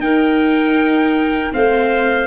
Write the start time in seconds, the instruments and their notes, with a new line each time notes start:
0.00 tuba D#4, viola D#4, clarinet A#4, trumpet G5
1.52 tuba A3, viola C4, clarinet C5, trumpet F5